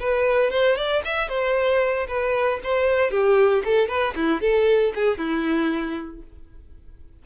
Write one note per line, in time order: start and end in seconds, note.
0.00 0.51 B4
0.51 0.76 C5
0.76 1.02 D5
1.05 1.29 E5
1.29 2.07 C5
2.08 2.60 B4
2.63 3.11 C5
3.11 3.63 G4
3.65 3.88 A4
3.88 4.15 B4
4.16 4.41 E4
4.41 4.93 A4
4.95 5.18 G#4
5.18 6.22 E4